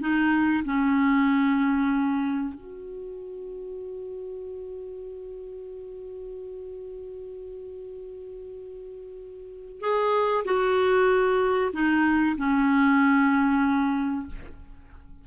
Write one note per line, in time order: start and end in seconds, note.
0.00 0.63 D#4
0.64 2.54 C#4
2.54 9.80 F#4
9.80 10.44 G#4
10.44 11.71 F#4
11.72 12.36 D#4
12.37 14.27 C#4